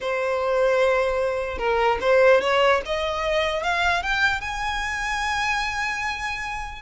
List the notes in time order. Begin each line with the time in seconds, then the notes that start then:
0.00 C5
1.58 A#4
2.00 C5
2.41 C#5
2.85 D#5
3.63 F5
4.02 G5
4.40 G#5